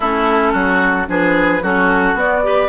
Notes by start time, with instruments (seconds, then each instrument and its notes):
0.00 bassoon A3, clarinet C#4, oboe E4, flute A4
0.52 bassoon F#3, oboe F#4
1.07 bassoon F3, clarinet D4, oboe G#4, flute B4
1.62 bassoon F#3, clarinet C#4, oboe F#4, flute A4
2.14 bassoon B3, clarinet B3, flute D5
2.43 clarinet G4, oboe B4